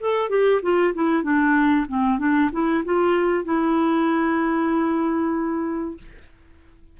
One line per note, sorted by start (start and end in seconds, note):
0.00 0.29 A4
0.29 0.61 G4
0.62 0.94 F4
0.94 1.23 E4
1.23 1.86 D4
1.87 2.18 C4
2.18 2.50 D4
2.52 2.84 E4
2.84 3.44 F4
3.44 5.97 E4